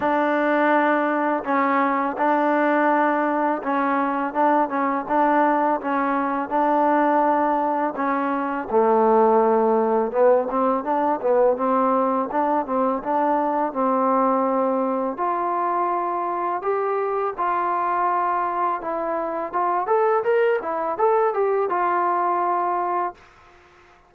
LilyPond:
\new Staff \with { instrumentName = "trombone" } { \time 4/4 \tempo 4 = 83 d'2 cis'4 d'4~ | d'4 cis'4 d'8 cis'8 d'4 | cis'4 d'2 cis'4 | a2 b8 c'8 d'8 b8 |
c'4 d'8 c'8 d'4 c'4~ | c'4 f'2 g'4 | f'2 e'4 f'8 a'8 | ais'8 e'8 a'8 g'8 f'2 | }